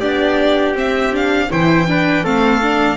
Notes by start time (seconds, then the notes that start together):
0.00 B3 D4 G4 D5
0.74 C4 E5
1.13 D4 F5
1.50 E3 E4 C5 G5
1.87 D4 B4
2.24 A3 C4 A4 F5
2.62 D4